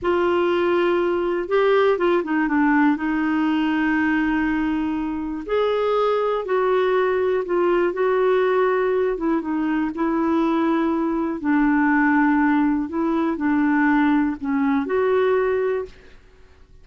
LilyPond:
\new Staff \with { instrumentName = "clarinet" } { \time 4/4 \tempo 4 = 121 f'2. g'4 | f'8 dis'8 d'4 dis'2~ | dis'2. gis'4~ | gis'4 fis'2 f'4 |
fis'2~ fis'8 e'8 dis'4 | e'2. d'4~ | d'2 e'4 d'4~ | d'4 cis'4 fis'2 | }